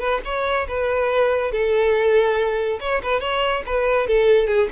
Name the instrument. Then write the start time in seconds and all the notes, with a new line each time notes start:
violin
0.00 B4
0.25 C#5
0.68 B4
1.52 A4
2.81 C#5
3.03 B4
3.21 C#5
3.67 B4
4.08 A4
4.48 G#4